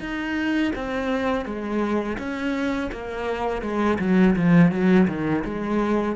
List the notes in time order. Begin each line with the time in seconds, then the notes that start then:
0.00 D#4
0.76 C4
1.45 G#3
2.19 C#4
2.92 A#3
3.62 G#3
3.99 F#3
4.36 F3
4.72 F#3
5.08 D#3
5.45 G#3